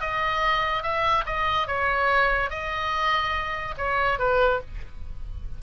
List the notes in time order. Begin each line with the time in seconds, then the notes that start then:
0.00 D#5
0.82 E5
1.26 D#5
1.67 C#5
2.49 D#5
3.77 C#5
4.18 B4